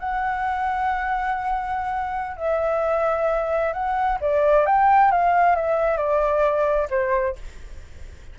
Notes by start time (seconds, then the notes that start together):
0.00 F#5
2.37 E5
3.73 F#5
4.21 D5
4.66 G5
5.11 F5
5.56 E5
5.97 D5
6.90 C5